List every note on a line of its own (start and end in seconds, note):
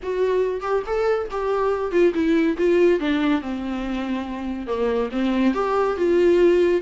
0.03 0.61 F#4
0.61 0.82 G4
0.86 1.28 A4
1.30 1.91 G4
1.91 2.13 F4
2.14 2.56 E4
2.57 2.99 F4
2.99 3.41 D4
3.41 4.67 C4
4.67 5.09 A#3
5.11 5.54 C4
5.54 5.96 G4
5.97 6.81 F4